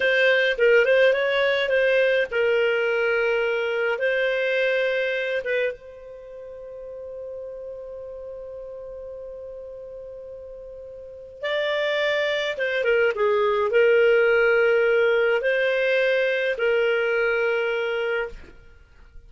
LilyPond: \new Staff \with { instrumentName = "clarinet" } { \time 4/4 \tempo 4 = 105 c''4 ais'8 c''8 cis''4 c''4 | ais'2. c''4~ | c''4. b'8 c''2~ | c''1~ |
c''1 | d''2 c''8 ais'8 gis'4 | ais'2. c''4~ | c''4 ais'2. | }